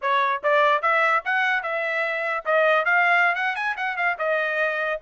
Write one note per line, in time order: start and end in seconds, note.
0.01 0.42 C#5
0.43 0.82 D5
0.82 1.22 E5
1.24 1.63 F#5
1.63 2.44 E5
2.45 2.85 D#5
2.85 3.35 F5
3.35 3.55 F#5
3.55 3.76 G#5
3.76 3.96 F#5
3.96 4.17 F5
4.18 4.99 D#5